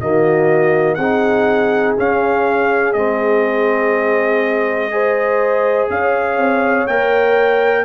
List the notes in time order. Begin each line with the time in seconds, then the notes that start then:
0.00 D#3 A#3 F#4 D#5
0.95 C4 G#4 F#5
1.02 D#4
1.97 C#4 F5
2.93 G#3 C4 D#5
4.91 G#4 C5
5.90 C#4 C#5 F5
6.37 C4
6.87 A#3 A#4 G5